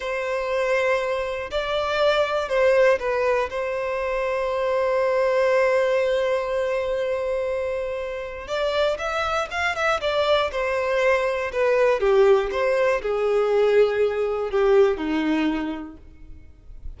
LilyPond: \new Staff \with { instrumentName = "violin" } { \time 4/4 \tempo 4 = 120 c''2. d''4~ | d''4 c''4 b'4 c''4~ | c''1~ | c''1~ |
c''4 d''4 e''4 f''8 e''8 | d''4 c''2 b'4 | g'4 c''4 gis'2~ | gis'4 g'4 dis'2 | }